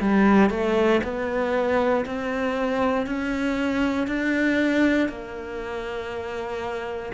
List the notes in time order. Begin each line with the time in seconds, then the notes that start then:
0.00 G3
0.49 A3
1.03 B3
2.05 C4
3.06 C#4
4.07 D4
5.08 A#3